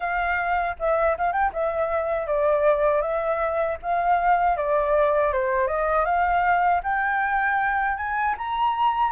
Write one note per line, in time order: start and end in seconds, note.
0.00 0.76 F5
0.79 1.17 E5
1.17 1.32 F5
1.32 1.51 G5
1.52 2.26 E5
2.26 3.01 D5
3.01 3.77 E5
3.82 4.56 F5
4.56 5.32 D5
5.32 5.67 C5
5.67 6.05 D#5
6.05 6.81 F5
6.83 7.97 G5
7.97 8.35 G#5
8.37 9.11 A#5